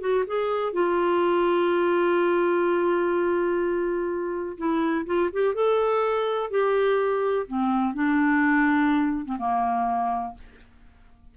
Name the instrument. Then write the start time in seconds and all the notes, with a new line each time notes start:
clarinet
0.00 F#4
0.26 G#4
0.72 F4
4.57 E4
5.06 F4
5.32 G4
5.54 A4
6.50 G4
7.47 C4
7.94 D4
9.25 C4
9.38 A#3